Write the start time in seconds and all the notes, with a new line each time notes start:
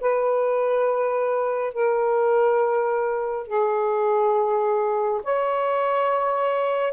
0.00 B4
1.73 A#4
3.47 G#4
5.23 C#5